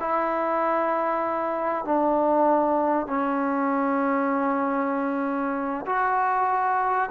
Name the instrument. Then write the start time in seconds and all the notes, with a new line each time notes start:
trombone
0.00 E4
1.85 D4
3.07 C#4
5.86 F#4